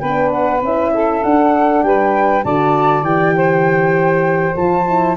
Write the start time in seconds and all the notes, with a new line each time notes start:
0.00 B3 D4 B4 G5
0.31 F#5
0.62 C#4 E4 E5
0.94 A4
1.23 D4 F#5
1.83 G3 B4 G5
2.44 D3 F#4 D5 A5
3.02 E3 G4 G5
3.36 C5
4.55 F3 F4 A5
4.88 E4